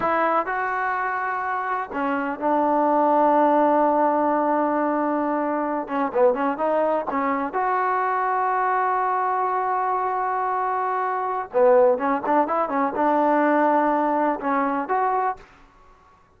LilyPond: \new Staff \with { instrumentName = "trombone" } { \time 4/4 \tempo 4 = 125 e'4 fis'2. | cis'4 d'2.~ | d'1~ | d'16 cis'8 b8 cis'8 dis'4 cis'4 fis'16~ |
fis'1~ | fis'1 | b4 cis'8 d'8 e'8 cis'8 d'4~ | d'2 cis'4 fis'4 | }